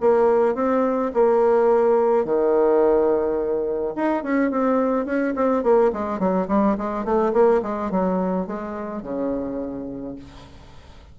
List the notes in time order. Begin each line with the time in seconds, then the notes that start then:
0.00 A#3
0.55 C4
1.14 A#3
2.24 D#3
3.95 D#4
4.23 C#4
4.51 C4
5.05 C#4
5.35 C4
5.63 A#3
5.93 G#3
6.19 F#3
6.48 G3
6.77 G#3
7.04 A3
7.33 A#3
7.62 G#3
7.91 F#3
8.46 G#3
9.02 C#3